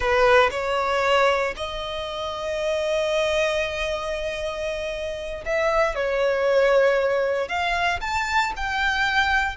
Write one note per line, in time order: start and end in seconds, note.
0.00 0.50 B4
0.50 1.54 C#5
1.56 5.44 D#5
5.45 5.95 E5
5.95 7.48 C#5
7.48 8.00 F5
8.01 8.52 A5
8.56 9.56 G5